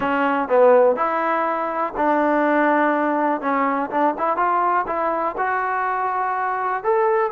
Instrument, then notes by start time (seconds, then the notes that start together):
trombone
0.00 C#4
0.48 B3
0.96 E4
1.96 D4
3.41 C#4
3.90 D4
4.18 E4
4.37 F4
4.86 E4
5.37 F#4
6.83 A4